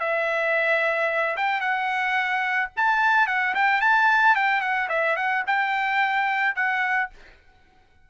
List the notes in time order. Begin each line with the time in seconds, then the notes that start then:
0.00 E5
1.37 G5
1.61 F#5
2.77 A5
3.27 F#5
3.55 G5
3.81 A5
4.36 G5
4.61 F#5
4.89 E5
5.16 F#5
5.47 G5
6.56 F#5